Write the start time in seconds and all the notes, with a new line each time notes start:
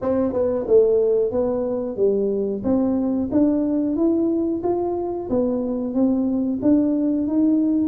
0.01 C4
0.32 B3
0.67 A3
1.31 B3
1.96 G3
2.63 C4
3.31 D4
3.96 E4
4.63 F4
5.29 B3
5.93 C4
6.62 D4
7.27 D#4